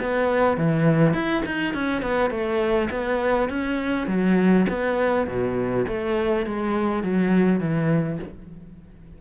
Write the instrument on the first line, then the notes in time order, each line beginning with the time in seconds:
cello
0.00 B3
0.57 E3
1.13 E4
1.46 D#4
1.74 C#4
2.02 B3
2.30 A3
2.90 B3
3.49 C#4
4.07 F#3
4.69 B3
5.27 B2
5.88 A3
6.46 G#3
7.03 F#3
7.60 E3